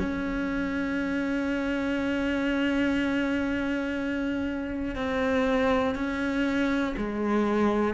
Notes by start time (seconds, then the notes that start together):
0.00 C#4
4.96 C4
5.96 C#4
6.98 G#3